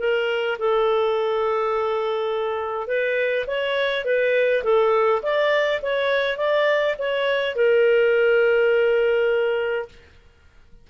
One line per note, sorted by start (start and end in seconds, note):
0.00 0.58 A#4
0.59 2.88 A4
2.88 3.46 B4
3.47 4.05 C#5
4.05 4.64 B4
4.64 5.22 A4
5.23 5.81 D5
5.83 6.38 C#5
6.38 6.96 D5
6.99 7.56 C#5
7.56 9.89 A#4